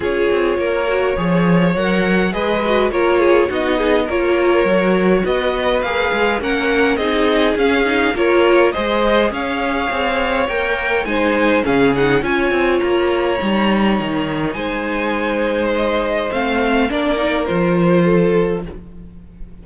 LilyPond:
<<
  \new Staff \with { instrumentName = "violin" } { \time 4/4 \tempo 4 = 103 cis''2. fis''4 | dis''4 cis''4 dis''4 cis''4~ | cis''4 dis''4 f''4 fis''4 | dis''4 f''4 cis''4 dis''4 |
f''2 g''4 gis''4 | f''8 fis''8 gis''4 ais''2~ | ais''4 gis''2 dis''4 | f''4 d''4 c''2 | }
  \new Staff \with { instrumentName = "violin" } { \time 4/4 gis'4 ais'4 cis''2 | b'4 ais'8 gis'8 fis'8 gis'8 ais'4~ | ais'4 b'2 ais'4 | gis'2 ais'4 c''4 |
cis''2. c''4 | gis'4 cis''2.~ | cis''4 c''2.~ | c''4 ais'2 a'4 | }
  \new Staff \with { instrumentName = "viola" } { \time 4/4 f'4. fis'8 gis'4 ais'4 | gis'8 fis'8 f'4 dis'4 f'4 | fis'2 gis'4 cis'4 | dis'4 cis'8 dis'8 f'4 gis'4~ |
gis'2 ais'4 dis'4 | cis'8 dis'8 f'2 dis'4~ | dis'1 | c'4 d'8 dis'8 f'2 | }
  \new Staff \with { instrumentName = "cello" } { \time 4/4 cis'8 c'8 ais4 f4 fis4 | gis4 ais4 b4 ais4 | fis4 b4 ais8 gis8 ais4 | c'4 cis'4 ais4 gis4 |
cis'4 c'4 ais4 gis4 | cis4 cis'8 c'8 ais4 g4 | dis4 gis2. | a4 ais4 f2 | }
>>